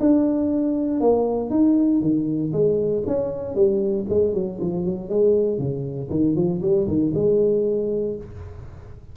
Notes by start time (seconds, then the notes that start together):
0.00 D4
1.00 A#3
1.50 D#4
2.01 D#3
2.52 G#3
3.07 C#4
3.55 G3
4.09 G#3
4.34 F#3
4.60 F3
4.85 F#3
5.09 G#3
5.58 C#3
6.10 D#3
6.36 F3
6.62 G3
6.87 D#3
7.14 G#3